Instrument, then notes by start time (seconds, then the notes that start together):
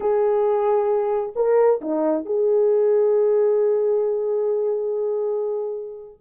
horn
0.00 G#4
1.35 A#4
1.81 D#4
2.25 G#4